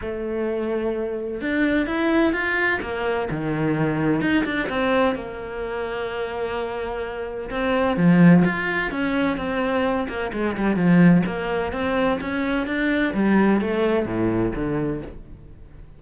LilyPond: \new Staff \with { instrumentName = "cello" } { \time 4/4 \tempo 4 = 128 a2. d'4 | e'4 f'4 ais4 dis4~ | dis4 dis'8 d'8 c'4 ais4~ | ais1 |
c'4 f4 f'4 cis'4 | c'4. ais8 gis8 g8 f4 | ais4 c'4 cis'4 d'4 | g4 a4 a,4 d4 | }